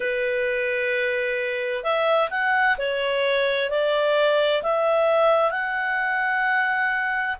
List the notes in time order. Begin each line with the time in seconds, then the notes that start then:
0.00 B4
1.83 E5
2.30 F#5
2.78 C#5
3.70 D5
4.62 E5
5.51 F#5